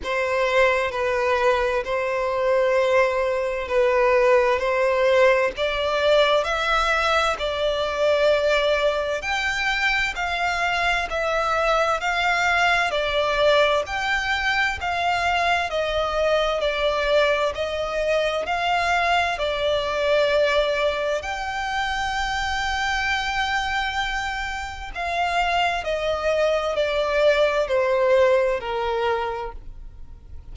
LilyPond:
\new Staff \with { instrumentName = "violin" } { \time 4/4 \tempo 4 = 65 c''4 b'4 c''2 | b'4 c''4 d''4 e''4 | d''2 g''4 f''4 | e''4 f''4 d''4 g''4 |
f''4 dis''4 d''4 dis''4 | f''4 d''2 g''4~ | g''2. f''4 | dis''4 d''4 c''4 ais'4 | }